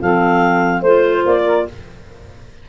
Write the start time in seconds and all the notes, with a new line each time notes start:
0.00 F3 C4 A4 F5
0.80 A3 F4 C5
1.25 A#3 D5
1.45 A#4